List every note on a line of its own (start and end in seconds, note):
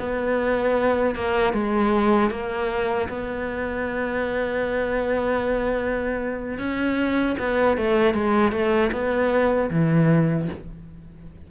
0.00 1.16 B3
1.16 1.54 A#3
1.54 2.31 G#3
2.31 3.09 A#3
3.10 6.59 B3
6.59 7.37 C#4
7.40 7.78 B3
7.78 8.14 A3
8.14 8.53 G#3
8.53 8.91 A3
8.93 9.70 B3
9.71 10.49 E3